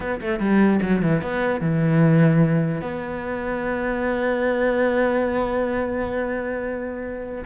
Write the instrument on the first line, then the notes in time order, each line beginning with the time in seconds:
cello
0.00 B3
0.20 A3
0.39 G3
0.82 F#3
1.02 E3
1.21 B3
1.61 E3
2.81 B3